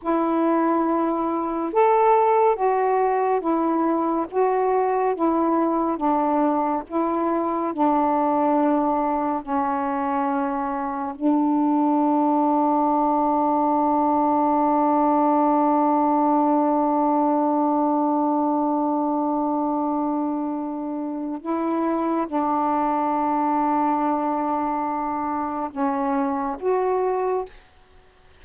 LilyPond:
\new Staff \with { instrumentName = "saxophone" } { \time 4/4 \tempo 4 = 70 e'2 a'4 fis'4 | e'4 fis'4 e'4 d'4 | e'4 d'2 cis'4~ | cis'4 d'2.~ |
d'1~ | d'1~ | d'4 e'4 d'2~ | d'2 cis'4 fis'4 | }